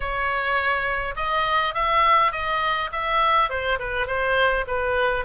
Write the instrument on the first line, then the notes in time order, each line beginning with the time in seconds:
oboe
0.00 C#5
1.16 D#5
1.74 E5
2.32 D#5
2.92 E5
3.49 C5
3.79 B4
4.06 C5
4.67 B4